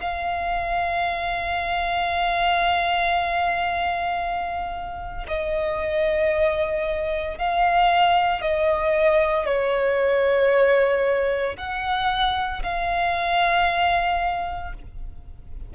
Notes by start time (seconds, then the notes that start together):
0.00 F5
5.28 D#5
7.38 F5
8.42 D#5
9.46 C#5
11.57 F#5
12.63 F5